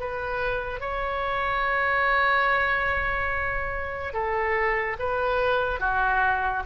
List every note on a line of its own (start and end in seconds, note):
0.00 0.81 B4
0.81 4.14 C#5
4.14 4.97 A4
4.99 5.80 B4
5.80 6.64 F#4